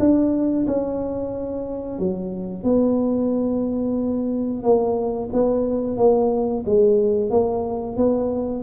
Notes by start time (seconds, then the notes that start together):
0.00 D4
0.67 C#4
2.00 F#3
2.64 B3
4.63 A#3
5.33 B3
5.98 A#3
6.66 G#3
7.31 A#3
7.97 B3